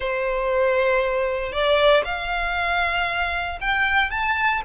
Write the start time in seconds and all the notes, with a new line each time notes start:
0.00 C5
1.52 D5
2.04 F5
3.60 G5
4.10 A5